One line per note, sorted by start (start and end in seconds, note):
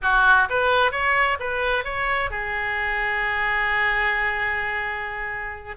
0.02 0.48 F#4
0.49 0.91 B4
0.91 1.37 C#5
1.39 1.84 B4
1.84 2.30 C#5
2.30 5.76 G#4